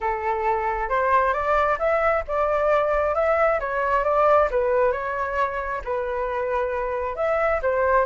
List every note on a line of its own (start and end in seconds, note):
0.00 0.89 A4
0.89 1.33 C5
1.33 1.77 D5
1.78 2.23 E5
2.27 3.14 D5
3.14 3.59 E5
3.59 4.04 C#5
4.04 4.49 D5
4.50 4.92 B4
4.92 5.81 C#5
5.84 7.15 B4
7.15 7.60 E5
7.62 8.05 C5